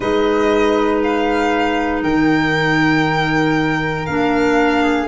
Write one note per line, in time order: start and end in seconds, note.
0.00 2.03 G#3
0.00 4.07 D#4
0.00 2.02 B4
0.00 1.02 D#5
1.03 2.03 F5
2.02 4.06 D#3
2.02 4.82 A#4
2.02 4.06 G5
4.06 5.08 A#3
4.06 5.08 D4
4.06 5.07 F5
4.82 5.07 G#4